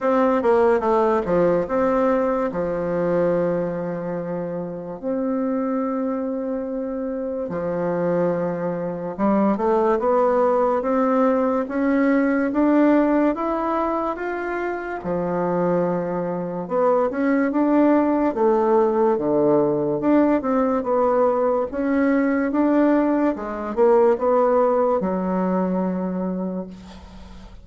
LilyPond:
\new Staff \with { instrumentName = "bassoon" } { \time 4/4 \tempo 4 = 72 c'8 ais8 a8 f8 c'4 f4~ | f2 c'2~ | c'4 f2 g8 a8 | b4 c'4 cis'4 d'4 |
e'4 f'4 f2 | b8 cis'8 d'4 a4 d4 | d'8 c'8 b4 cis'4 d'4 | gis8 ais8 b4 fis2 | }